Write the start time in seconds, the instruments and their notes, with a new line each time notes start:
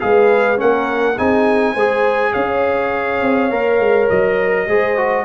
0.00 tuba G#3, trombone G#4, horn B4, trumpet F5
0.57 tuba A#3, trombone C#4, horn A#4, trumpet F#5
1.17 tuba C4, trombone D#4, horn G#4, trumpet G#5
1.73 tuba G#3, trombone G#4, horn C5
2.32 tuba C#4, horn C#5, trumpet F5
3.21 tuba C4
3.51 tuba A#3, trombone A#4
3.79 tuba G#3
4.10 tuba F#3, trumpet D#5
4.68 tuba G#3, trombone G#4, horn C5
4.97 trombone F#4